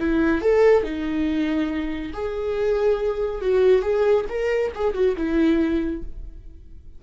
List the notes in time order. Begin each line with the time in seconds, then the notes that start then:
0.00 E4
0.42 A4
0.84 D#4
2.14 G#4
3.42 F#4
3.82 G#4
4.29 A#4
4.75 G#4
4.94 F#4
5.17 E4